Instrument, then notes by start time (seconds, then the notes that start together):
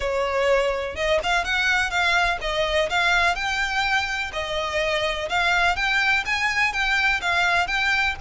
violin
0.00 C#5
0.95 D#5
1.23 F5
1.44 F#5
1.90 F5
2.41 D#5
2.89 F5
3.35 G5
4.32 D#5
5.29 F5
5.76 G5
6.25 G#5
6.72 G5
7.21 F5
7.67 G5